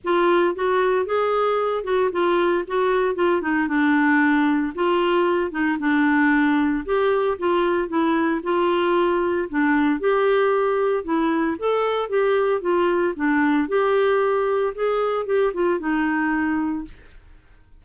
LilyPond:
\new Staff \with { instrumentName = "clarinet" } { \time 4/4 \tempo 4 = 114 f'4 fis'4 gis'4. fis'8 | f'4 fis'4 f'8 dis'8 d'4~ | d'4 f'4. dis'8 d'4~ | d'4 g'4 f'4 e'4 |
f'2 d'4 g'4~ | g'4 e'4 a'4 g'4 | f'4 d'4 g'2 | gis'4 g'8 f'8 dis'2 | }